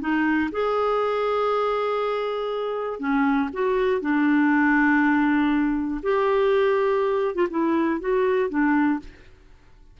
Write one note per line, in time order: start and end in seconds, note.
0.00 0.50 D#4
0.52 2.99 G#4
2.99 3.49 C#4
3.53 4.01 F#4
4.01 6.01 D4
6.02 7.35 G4
7.35 7.47 F4
7.50 8.00 E4
8.00 8.49 F#4
8.49 8.99 D4